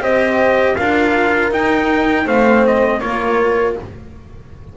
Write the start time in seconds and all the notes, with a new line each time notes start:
0.00 C4 G4 C5 D#5
0.75 D4 F4 A#4 F5
1.50 D#4 G5
2.25 A3 C4 C5 F5
2.66 D#5
3.00 A#3 F4 A#4 C#5